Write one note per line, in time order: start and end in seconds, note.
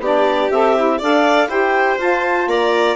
0.00 0.49 B3
0.00 0.53 D4
0.00 0.98 G4
0.00 0.51 D5
0.51 1.01 C4
0.51 0.77 A4
0.51 1.00 E5
0.77 1.01 E4
0.98 1.48 D4
0.98 1.49 A4
0.98 1.48 D5
0.98 1.50 F5
1.48 1.98 E4
1.48 1.99 G4
1.48 2.48 C5
1.48 1.99 G5
1.98 2.47 F4
1.98 2.96 F4
1.98 2.49 A5
2.47 2.96 A#3
2.47 2.96 D5
2.47 2.96 A#5